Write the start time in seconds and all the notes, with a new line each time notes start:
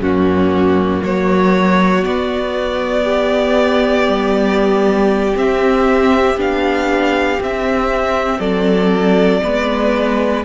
0.00 F#2 A#3 C#4 F#4
1.02 F#3 F#4 C#5
2.03 B3 D5
3.04 G4
4.08 G3
5.35 C4 E5
6.37 B3 D4 F5
7.40 C4 E5
8.39 F#3 A4 D5
9.42 G#3 B3 B4